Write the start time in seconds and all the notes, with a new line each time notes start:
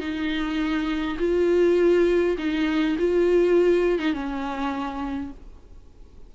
0.00 D#4
1.19 F4
2.38 D#4
2.98 F4
3.99 D#4
4.14 C#4